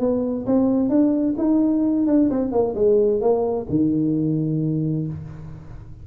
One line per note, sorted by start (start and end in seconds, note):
0.00 0.46 B3
0.46 0.90 C4
0.90 1.35 D4
1.38 2.07 D#4
2.07 2.30 D4
2.30 2.52 C4
2.52 2.75 A#3
2.75 3.21 G#3
3.21 3.67 A#3
3.70 5.07 D#3